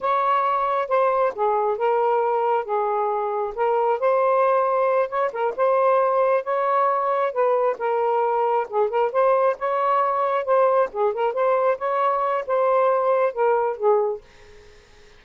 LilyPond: \new Staff \with { instrumentName = "saxophone" } { \time 4/4 \tempo 4 = 135 cis''2 c''4 gis'4 | ais'2 gis'2 | ais'4 c''2~ c''8 cis''8 | ais'8 c''2 cis''4.~ |
cis''8 b'4 ais'2 gis'8 | ais'8 c''4 cis''2 c''8~ | c''8 gis'8 ais'8 c''4 cis''4. | c''2 ais'4 gis'4 | }